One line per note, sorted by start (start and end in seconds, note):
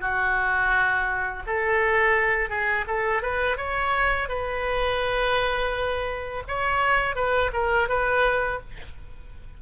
0.00 1.43 F#4
1.46 2.49 A4
2.49 2.85 G#4
2.87 3.22 A4
3.22 3.57 B4
3.57 4.29 C#5
4.29 6.43 B4
6.48 7.15 C#5
7.15 7.51 B4
7.53 7.88 A#4
7.88 8.60 B4